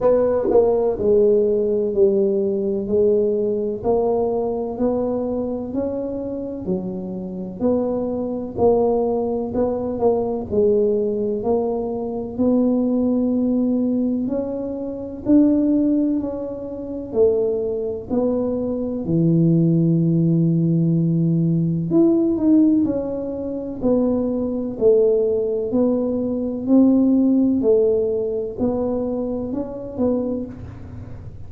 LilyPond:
\new Staff \with { instrumentName = "tuba" } { \time 4/4 \tempo 4 = 63 b8 ais8 gis4 g4 gis4 | ais4 b4 cis'4 fis4 | b4 ais4 b8 ais8 gis4 | ais4 b2 cis'4 |
d'4 cis'4 a4 b4 | e2. e'8 dis'8 | cis'4 b4 a4 b4 | c'4 a4 b4 cis'8 b8 | }